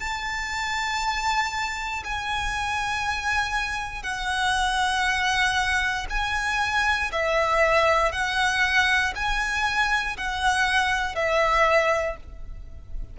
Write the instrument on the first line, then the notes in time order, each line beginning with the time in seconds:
violin
0.00 A5
2.04 G#5
4.03 F#5
6.10 G#5
7.12 E5
8.12 F#5
9.16 G#5
10.17 F#5
11.15 E5